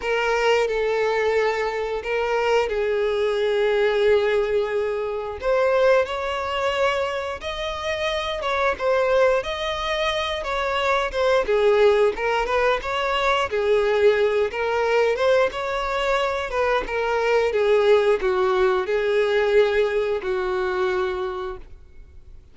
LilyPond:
\new Staff \with { instrumentName = "violin" } { \time 4/4 \tempo 4 = 89 ais'4 a'2 ais'4 | gis'1 | c''4 cis''2 dis''4~ | dis''8 cis''8 c''4 dis''4. cis''8~ |
cis''8 c''8 gis'4 ais'8 b'8 cis''4 | gis'4. ais'4 c''8 cis''4~ | cis''8 b'8 ais'4 gis'4 fis'4 | gis'2 fis'2 | }